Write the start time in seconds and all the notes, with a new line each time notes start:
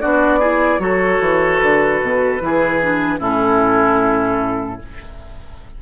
0.00 B3 D4 F#4 D5
0.39 E4 G#4
0.79 F#3 F#4 A4 C#5
1.20 E3
1.59 D3 B4
2.01 B2
2.40 E3 E4 G#4
2.82 D4
3.18 A2 C#4 E4 A4